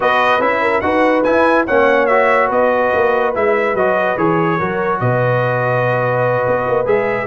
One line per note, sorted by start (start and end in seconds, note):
0.00 0.39 B3
0.00 0.40 F#4
0.00 0.61 B4
0.00 0.41 D#5
0.39 0.81 C#4
0.39 0.82 E4
0.39 0.81 E5
0.61 0.82 A#4
0.81 1.23 D#4
0.81 1.24 F#4
0.81 1.66 B4
0.81 1.22 F#5
1.23 1.67 E4
1.23 1.68 E4
1.23 1.65 G#5
1.66 2.50 A#3
1.66 2.09 C#4
1.66 2.47 C#5
1.66 2.06 F#5
2.06 3.34 F#4
2.06 2.48 E5
2.47 2.92 B3
2.47 4.56 B4
2.47 3.34 D#5
2.94 3.35 A#3
3.34 3.74 G#3
3.34 3.76 E4
3.34 3.75 E5
3.74 4.15 F#3
3.74 4.17 F#4
3.74 4.17 D#5
4.17 4.59 E3
4.17 4.59 G#4
4.17 4.99 C#5
4.58 5.00 F#3
4.58 6.85 F#4
4.58 4.99 A#4
4.99 6.46 B2
4.99 7.26 B4
4.99 6.87 D#5
6.46 6.67 B3
6.68 6.85 A#3
6.85 7.26 G#3
6.85 7.26 G#4
6.85 7.26 E5